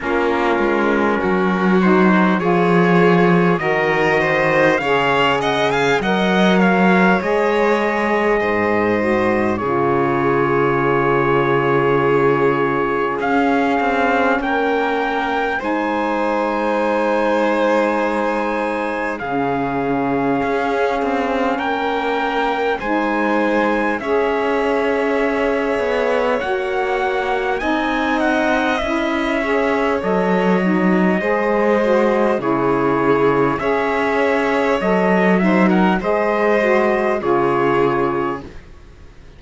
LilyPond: <<
  \new Staff \with { instrumentName = "trumpet" } { \time 4/4 \tempo 4 = 50 ais'4. c''8 cis''4 dis''4 | f''8 fis''16 gis''16 fis''8 f''8 dis''2 | cis''2. f''4 | g''4 gis''2. |
f''2 g''4 gis''4 | e''2 fis''4 gis''8 fis''8 | e''4 dis''2 cis''4 | e''4 dis''8 e''16 fis''16 dis''4 cis''4 | }
  \new Staff \with { instrumentName = "violin" } { \time 4/4 f'4 fis'4 gis'4 ais'8 c''8 | cis''8 dis''16 f''16 dis''8 cis''4. c''4 | gis'1 | ais'4 c''2. |
gis'2 ais'4 c''4 | cis''2. dis''4~ | dis''8 cis''4. c''4 gis'4 | cis''4. c''16 ais'16 c''4 gis'4 | }
  \new Staff \with { instrumentName = "saxophone" } { \time 4/4 cis'4. dis'8 f'4 fis'4 | gis'4 ais'4 gis'4. fis'8 | f'2. cis'4~ | cis'4 dis'2. |
cis'2. dis'4 | gis'2 fis'4 dis'4 | e'8 gis'8 a'8 dis'8 gis'8 fis'8 e'4 | gis'4 a'8 dis'8 gis'8 fis'8 f'4 | }
  \new Staff \with { instrumentName = "cello" } { \time 4/4 ais8 gis8 fis4 f4 dis4 | cis4 fis4 gis4 gis,4 | cis2. cis'8 c'8 | ais4 gis2. |
cis4 cis'8 c'8 ais4 gis4 | cis'4. b8 ais4 c'4 | cis'4 fis4 gis4 cis4 | cis'4 fis4 gis4 cis4 | }
>>